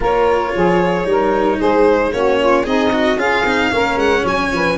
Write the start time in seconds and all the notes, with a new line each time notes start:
0.00 A#3 F4 A#4 C#5
0.55 F3 G#4
1.04 G3 D#4
1.10 A#4
1.58 G#3 G#4 C5
2.12 A#3 C#4 F#4 C#5
2.40 F4
2.62 C4 D#4 G#4 D#5
2.92 F#4
3.16 C#4 F4 G#4 F5
3.44 C4 D#4
3.71 A#3 C#4 A#4
3.96 G#3 F#5
4.21 F#3 C#5
4.27 G#5
4.52 F3 B4